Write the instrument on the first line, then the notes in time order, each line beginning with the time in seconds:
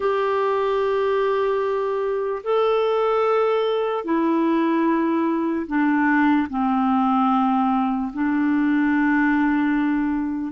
clarinet
0.00 G4
2.43 A4
4.04 E4
5.66 D4
6.49 C4
8.13 D4